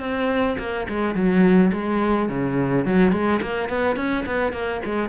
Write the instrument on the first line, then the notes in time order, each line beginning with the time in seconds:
cello
0.00 C4
0.59 A#3
0.89 G#3
1.15 F#3
1.73 G#3
2.29 C#3
2.85 F#3
3.12 G#3
3.42 A#3
3.69 B3
3.96 C#4
4.26 B3
4.53 A#3
4.85 G#3